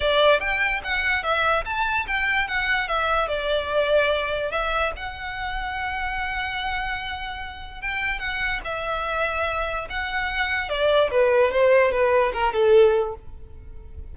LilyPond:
\new Staff \with { instrumentName = "violin" } { \time 4/4 \tempo 4 = 146 d''4 g''4 fis''4 e''4 | a''4 g''4 fis''4 e''4 | d''2. e''4 | fis''1~ |
fis''2. g''4 | fis''4 e''2. | fis''2 d''4 b'4 | c''4 b'4 ais'8 a'4. | }